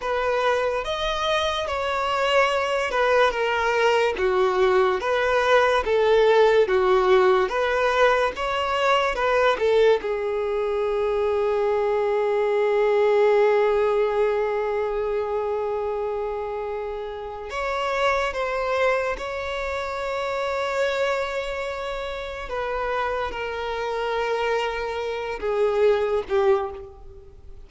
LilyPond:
\new Staff \with { instrumentName = "violin" } { \time 4/4 \tempo 4 = 72 b'4 dis''4 cis''4. b'8 | ais'4 fis'4 b'4 a'4 | fis'4 b'4 cis''4 b'8 a'8 | gis'1~ |
gis'1~ | gis'4 cis''4 c''4 cis''4~ | cis''2. b'4 | ais'2~ ais'8 gis'4 g'8 | }